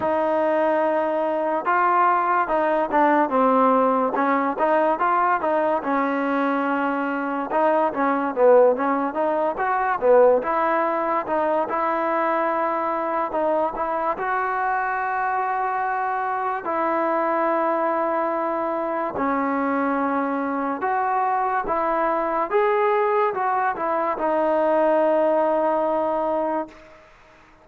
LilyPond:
\new Staff \with { instrumentName = "trombone" } { \time 4/4 \tempo 4 = 72 dis'2 f'4 dis'8 d'8 | c'4 cis'8 dis'8 f'8 dis'8 cis'4~ | cis'4 dis'8 cis'8 b8 cis'8 dis'8 fis'8 | b8 e'4 dis'8 e'2 |
dis'8 e'8 fis'2. | e'2. cis'4~ | cis'4 fis'4 e'4 gis'4 | fis'8 e'8 dis'2. | }